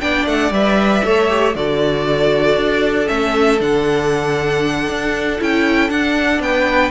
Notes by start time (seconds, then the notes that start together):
0.00 B3 D4 D5 G5
0.25 A3 F#5
0.50 G3 B4 E5
1.03 A3 A4 C#5
1.27 G4
1.55 D3 F#4 A4 D5
2.56 D4
3.06 A3 C#4 E5
3.60 D3 D4 F#5
4.88 D4
5.39 C#4 E4 G5
5.89 D4 F#5
6.39 B3 B4 G5